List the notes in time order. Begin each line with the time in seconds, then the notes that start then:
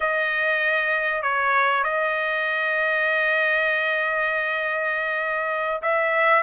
0.00 D#5
1.22 C#5
1.83 D#5
5.82 E5